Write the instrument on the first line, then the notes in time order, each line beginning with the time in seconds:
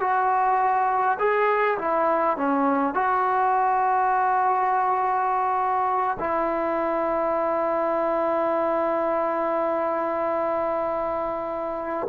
trombone
0.00 F#4
1.19 G#4
1.78 E4
2.37 C#4
2.94 F#4
6.19 E4